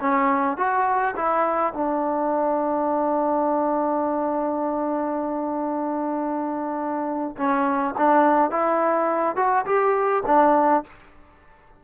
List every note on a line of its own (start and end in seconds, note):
0.00 0.57 C#4
0.57 1.15 F#4
1.16 1.73 E4
1.73 7.36 D4
7.37 7.95 C#4
7.97 8.50 D4
8.50 9.36 E4
9.36 9.65 F#4
9.65 10.23 G4
10.26 10.84 D4